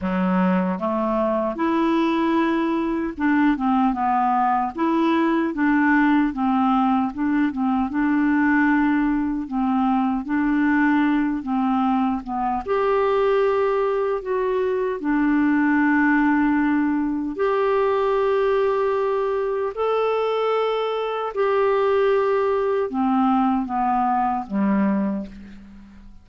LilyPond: \new Staff \with { instrumentName = "clarinet" } { \time 4/4 \tempo 4 = 76 fis4 a4 e'2 | d'8 c'8 b4 e'4 d'4 | c'4 d'8 c'8 d'2 | c'4 d'4. c'4 b8 |
g'2 fis'4 d'4~ | d'2 g'2~ | g'4 a'2 g'4~ | g'4 c'4 b4 g4 | }